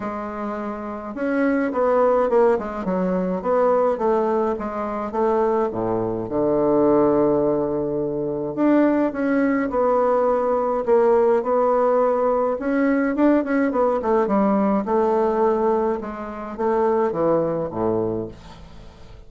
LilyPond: \new Staff \with { instrumentName = "bassoon" } { \time 4/4 \tempo 4 = 105 gis2 cis'4 b4 | ais8 gis8 fis4 b4 a4 | gis4 a4 a,4 d4~ | d2. d'4 |
cis'4 b2 ais4 | b2 cis'4 d'8 cis'8 | b8 a8 g4 a2 | gis4 a4 e4 a,4 | }